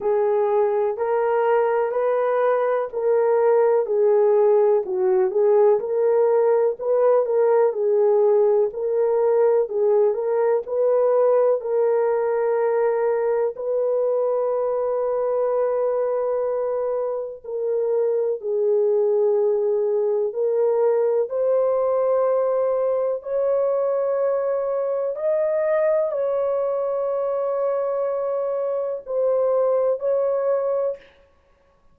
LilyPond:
\new Staff \with { instrumentName = "horn" } { \time 4/4 \tempo 4 = 62 gis'4 ais'4 b'4 ais'4 | gis'4 fis'8 gis'8 ais'4 b'8 ais'8 | gis'4 ais'4 gis'8 ais'8 b'4 | ais'2 b'2~ |
b'2 ais'4 gis'4~ | gis'4 ais'4 c''2 | cis''2 dis''4 cis''4~ | cis''2 c''4 cis''4 | }